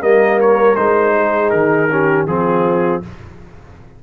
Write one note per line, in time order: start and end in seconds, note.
0.00 0.77 G3
0.00 0.75 A#3
0.00 1.14 A#4
0.00 0.39 D#5
0.40 0.75 C#5
0.75 1.53 G#3
0.75 1.88 D#4
0.75 1.50 C5
1.15 1.90 G#4
1.50 2.26 D#3
1.50 2.25 A#4
1.90 2.27 C#4
1.90 2.28 G4
2.26 3.01 F3
2.26 3.02 C4
2.26 3.03 F4
2.26 3.02 G#4